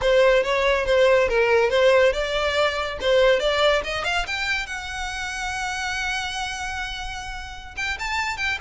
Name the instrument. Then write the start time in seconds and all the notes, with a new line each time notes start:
violin
0.01 C5
0.43 C#5
0.85 C5
1.28 A#4
1.70 C5
2.13 D5
3.01 C5
3.39 D5
3.84 D#5
4.04 F5
4.26 G5
4.66 F#5
7.76 G5
7.99 A5
8.37 G5